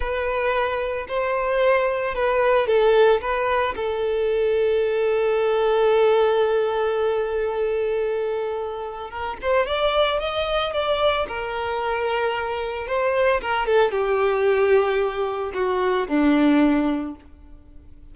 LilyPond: \new Staff \with { instrumentName = "violin" } { \time 4/4 \tempo 4 = 112 b'2 c''2 | b'4 a'4 b'4 a'4~ | a'1~ | a'1~ |
a'4 ais'8 c''8 d''4 dis''4 | d''4 ais'2. | c''4 ais'8 a'8 g'2~ | g'4 fis'4 d'2 | }